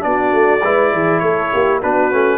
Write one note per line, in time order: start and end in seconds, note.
0.00 0.33 B3
0.00 0.59 D4
0.00 1.19 D5
0.06 0.63 F#4
0.33 0.63 A3
0.63 0.93 G#3
0.63 1.82 E4
0.63 0.93 B4
0.93 1.22 E3
0.93 1.22 G#4
1.19 1.52 A3
1.19 1.52 A4
1.19 1.79 C#5
1.52 1.84 A#3
1.52 1.81 G4
1.81 2.13 B3
1.81 2.12 D4
1.81 2.38 F#4
1.81 2.38 B4
2.12 2.38 A3
2.12 2.38 C#4